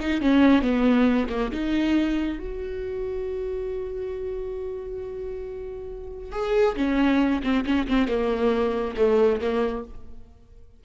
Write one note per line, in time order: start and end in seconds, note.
0.00 0.21 D#4
0.21 0.62 C#4
0.62 1.28 B3
1.29 1.51 A#3
1.52 2.39 D#4
2.39 6.32 F#4
6.32 6.76 G#4
6.76 7.42 C#4
7.43 7.65 C4
7.65 7.87 C#4
7.88 8.08 C4
8.08 8.95 A#3
8.96 9.40 A3
9.41 9.84 A#3